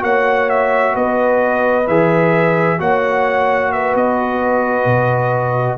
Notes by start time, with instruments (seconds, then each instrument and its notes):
0.00 tuba A#3, trombone F#4, horn C#5, trumpet F#5
0.50 trumpet E5
0.95 tuba B3, horn B4, trumpet D#5
1.88 tuba E3, trombone G#4, trumpet E5
2.79 tuba A#3, trombone F#4, horn C#5, trumpet F#5
3.72 horn B4, trumpet E5
3.96 tuba B3, trumpet D#5
4.86 tuba B2